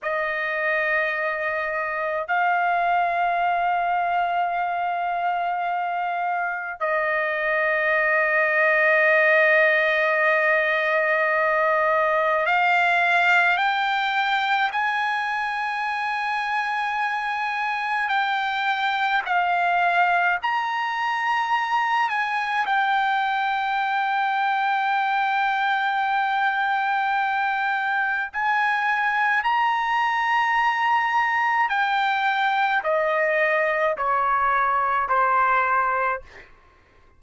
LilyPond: \new Staff \with { instrumentName = "trumpet" } { \time 4/4 \tempo 4 = 53 dis''2 f''2~ | f''2 dis''2~ | dis''2. f''4 | g''4 gis''2. |
g''4 f''4 ais''4. gis''8 | g''1~ | g''4 gis''4 ais''2 | g''4 dis''4 cis''4 c''4 | }